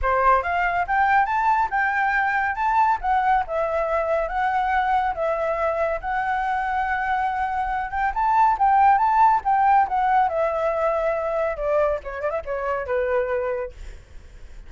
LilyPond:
\new Staff \with { instrumentName = "flute" } { \time 4/4 \tempo 4 = 140 c''4 f''4 g''4 a''4 | g''2 a''4 fis''4 | e''2 fis''2 | e''2 fis''2~ |
fis''2~ fis''8 g''8 a''4 | g''4 a''4 g''4 fis''4 | e''2. d''4 | cis''8 d''16 e''16 cis''4 b'2 | }